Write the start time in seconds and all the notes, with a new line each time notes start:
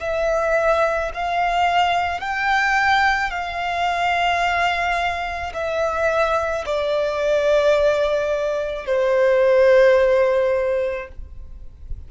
0.00 E5
1.14 F5
2.21 G5
3.31 F5
5.54 E5
6.66 D5
8.86 C5